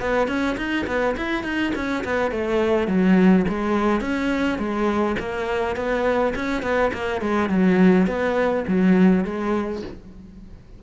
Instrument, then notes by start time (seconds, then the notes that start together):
cello
0.00 B3
0.28 C#4
0.57 D#4
0.87 B3
1.17 E4
1.44 D#4
1.75 C#4
2.05 B3
2.31 A3
2.88 F#3
3.48 G#3
4.01 C#4
4.58 G#3
5.19 A#3
5.76 B3
6.35 C#4
6.62 B3
6.93 A#3
7.21 G#3
7.49 F#3
8.07 B3
8.68 F#3
9.24 G#3